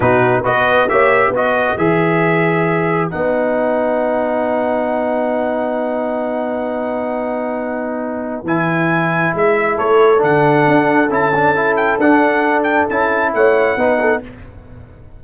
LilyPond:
<<
  \new Staff \with { instrumentName = "trumpet" } { \time 4/4 \tempo 4 = 135 b'4 dis''4 e''4 dis''4 | e''2. fis''4~ | fis''1~ | fis''1~ |
fis''2. gis''4~ | gis''4 e''4 cis''4 fis''4~ | fis''4 a''4. g''8 fis''4~ | fis''8 g''8 a''4 fis''2 | }
  \new Staff \with { instrumentName = "horn" } { \time 4/4 fis'4 b'4 cis''4 b'4~ | b'1~ | b'1~ | b'1~ |
b'1~ | b'2 a'2~ | a'1~ | a'2 cis''4 b'8 a'8 | }
  \new Staff \with { instrumentName = "trombone" } { \time 4/4 dis'4 fis'4 g'4 fis'4 | gis'2. dis'4~ | dis'1~ | dis'1~ |
dis'2. e'4~ | e'2. d'4~ | d'4 e'8 d'8 e'4 d'4~ | d'4 e'2 dis'4 | }
  \new Staff \with { instrumentName = "tuba" } { \time 4/4 b,4 b4 ais4 b4 | e2. b4~ | b1~ | b1~ |
b2. e4~ | e4 gis4 a4 d4 | d'4 cis'2 d'4~ | d'4 cis'4 a4 b4 | }
>>